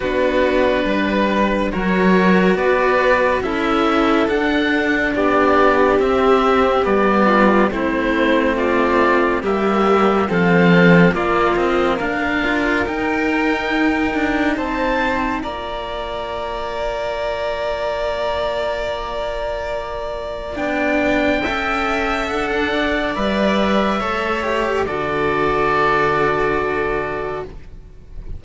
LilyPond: <<
  \new Staff \with { instrumentName = "oboe" } { \time 4/4 \tempo 4 = 70 b'2 cis''4 d''4 | e''4 fis''4 d''4 e''4 | d''4 c''4 d''4 e''4 | f''4 d''8 dis''8 f''4 g''4~ |
g''4 a''4 ais''2~ | ais''1 | g''2 fis''4 e''4~ | e''4 d''2. | }
  \new Staff \with { instrumentName = "violin" } { \time 4/4 fis'4 b'4 ais'4 b'4 | a'2 g'2~ | g'8 f'8 e'4 f'4 g'4 | a'4 f'4 ais'2~ |
ais'4 c''4 d''2~ | d''1~ | d''4 e''4~ e''16 d'16 d''4. | cis''4 a'2. | }
  \new Staff \with { instrumentName = "cello" } { \time 4/4 d'2 fis'2 | e'4 d'2 c'4 | b4 c'2 ais4 | c'4 ais4. f'8 dis'4~ |
dis'2 f'2~ | f'1 | d'4 a'2 b'4 | a'8 g'8 fis'2. | }
  \new Staff \with { instrumentName = "cello" } { \time 4/4 b4 g4 fis4 b4 | cis'4 d'4 b4 c'4 | g4 a2 g4 | f4 ais8 c'8 d'4 dis'4~ |
dis'8 d'8 c'4 ais2~ | ais1 | b4 cis'4 d'4 g4 | a4 d2. | }
>>